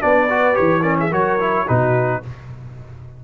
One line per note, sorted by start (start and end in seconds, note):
0.00 0.58 B3
0.00 0.28 D4
0.00 0.82 B4
0.00 0.56 D5
0.29 0.53 F#4
0.53 1.11 E3
0.53 0.81 G4
0.53 0.82 C#5
0.82 1.10 C#4
0.82 0.96 A#4
0.82 0.96 D5
0.99 1.10 G#4
0.99 1.13 E5
1.10 1.66 F#3
1.10 1.39 F#4
1.10 1.65 A#4
1.10 1.68 C#5
1.39 1.67 E4
1.65 2.24 B2
1.65 2.22 D#4
1.65 2.21 F#4
1.65 2.23 B4